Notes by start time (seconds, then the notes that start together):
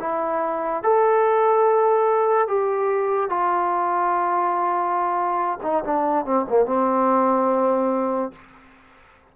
0.00 E4
0.83 A4
2.48 G4
3.30 F4
5.63 D#4
5.84 D4
6.25 C4
6.49 A#3
6.66 C4